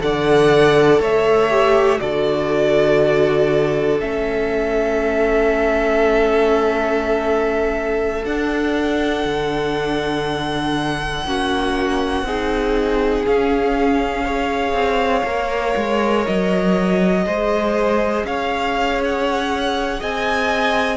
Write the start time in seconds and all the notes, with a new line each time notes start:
0.00 D3 A4 D5 F#5
1.00 A3 C#5 E5
1.50 G4
1.99 D3 F#4 A4 D5
4.00 A3 C#4 E5
8.25 D4 F#5
9.25 D3
11.26 A#3 C#4 F#4
12.23 C4 D#4 G#4
13.26 C#4 F5
14.25 G#4 C#5
14.73 C4
15.25 A#3 A#4
15.77 G#3
16.26 F#3 D#5
17.23 G#3 G#4 C5
18.24 C#4 C#5 F5
19.05 F#5
20.00 C4 D#5 G#5